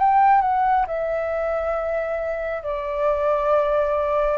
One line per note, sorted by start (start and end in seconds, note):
0.00 0.42 G5
0.42 0.86 F#5
0.87 2.63 E5
2.63 4.38 D5